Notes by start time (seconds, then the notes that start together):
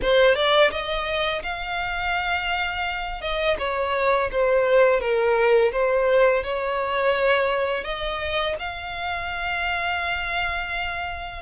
0.02 C5
0.35 D5
0.71 D#5
1.42 F5
3.21 D#5
3.58 C#5
4.31 C5
5.00 A#4
5.71 C5
6.43 C#5
7.84 D#5
8.59 F5